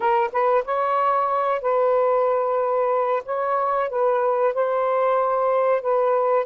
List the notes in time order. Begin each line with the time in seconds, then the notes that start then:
0.00 A#4
0.32 B4
0.64 C#5
1.61 B4
3.25 C#5
3.89 B4
4.54 C5
5.81 B4